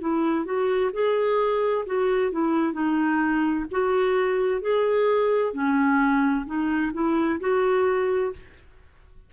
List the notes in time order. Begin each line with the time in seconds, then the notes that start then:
0.00 E4
0.44 F#4
0.92 G#4
1.86 F#4
2.31 E4
2.73 D#4
3.71 F#4
4.61 G#4
5.53 C#4
6.46 D#4
6.93 E4
7.40 F#4